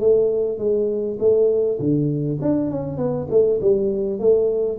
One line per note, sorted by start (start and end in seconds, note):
0.00 0.58 A3
0.58 1.18 G#3
1.19 1.79 A3
1.79 2.39 D3
2.42 2.71 D4
2.71 2.98 C#4
2.98 3.27 B3
3.31 3.60 A3
3.61 4.20 G3
4.20 4.79 A3